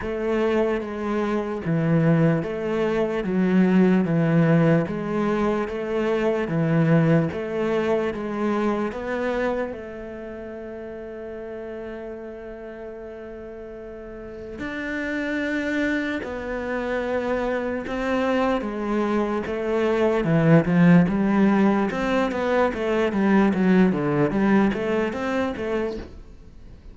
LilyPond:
\new Staff \with { instrumentName = "cello" } { \time 4/4 \tempo 4 = 74 a4 gis4 e4 a4 | fis4 e4 gis4 a4 | e4 a4 gis4 b4 | a1~ |
a2 d'2 | b2 c'4 gis4 | a4 e8 f8 g4 c'8 b8 | a8 g8 fis8 d8 g8 a8 c'8 a8 | }